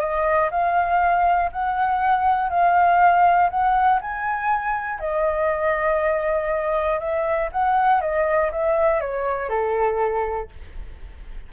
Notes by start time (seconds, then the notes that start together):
0.00 D#5
0.51 F5
1.52 F#5
2.50 F5
3.50 F#5
4.02 G#5
5.00 D#5
7.00 E5
7.52 F#5
8.01 D#5
8.52 E5
9.01 C#5
9.49 A4